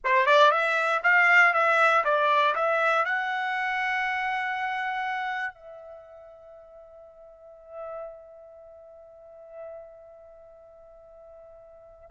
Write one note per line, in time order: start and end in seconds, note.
0.04 0.26 C5
0.26 0.51 D5
0.51 1.01 E5
1.03 1.53 F5
1.53 2.04 E5
2.04 2.55 D5
2.55 3.05 E5
3.05 5.54 F#5
5.54 12.09 E5